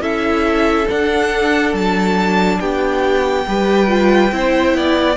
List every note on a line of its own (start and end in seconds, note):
0.00 0.86 C#4
0.00 0.87 E4
0.00 2.59 A4
0.00 0.87 E5
0.89 3.46 D4
0.89 1.74 D4
0.89 1.75 F#5
1.74 2.59 F#3
1.74 2.60 A5
2.60 3.46 B3
2.60 3.45 G4
2.60 5.17 G5
3.47 4.32 G3
3.47 3.88 G4
3.47 4.34 B4
3.88 4.31 F4
4.31 4.74 C4
4.31 5.17 E4
4.31 4.76 C5
4.74 5.17 B3
4.74 5.17 D5